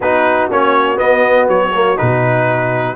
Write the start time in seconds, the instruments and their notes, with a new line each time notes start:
0.00 tuba B3, trombone D#4, horn F#4, trumpet B4
0.50 tuba A#3, trombone C#4, trumpet C#5
0.96 trombone B3, tuba B3, trumpet D#5
1.48 tuba F#3, trumpet C#5
1.74 trombone A#3
1.96 tuba B2, trombone D#4, trumpet B4